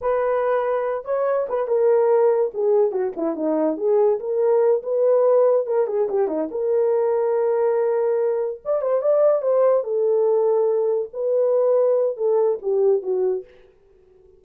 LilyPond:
\new Staff \with { instrumentName = "horn" } { \time 4/4 \tempo 4 = 143 b'2~ b'8 cis''4 b'8 | ais'2 gis'4 fis'8 e'8 | dis'4 gis'4 ais'4. b'8~ | b'4. ais'8 gis'8 g'8 dis'8 ais'8~ |
ais'1~ | ais'8 d''8 c''8 d''4 c''4 a'8~ | a'2~ a'8 b'4.~ | b'4 a'4 g'4 fis'4 | }